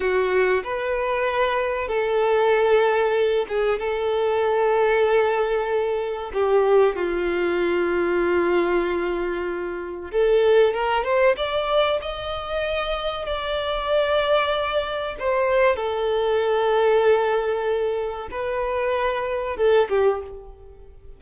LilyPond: \new Staff \with { instrumentName = "violin" } { \time 4/4 \tempo 4 = 95 fis'4 b'2 a'4~ | a'4. gis'8 a'2~ | a'2 g'4 f'4~ | f'1 |
a'4 ais'8 c''8 d''4 dis''4~ | dis''4 d''2. | c''4 a'2.~ | a'4 b'2 a'8 g'8 | }